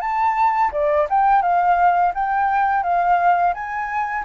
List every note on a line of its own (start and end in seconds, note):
0.00 0.71 A5
0.72 1.07 D5
1.09 1.41 G5
1.41 2.12 F5
2.14 2.83 G5
2.83 3.53 F5
3.53 4.24 G#5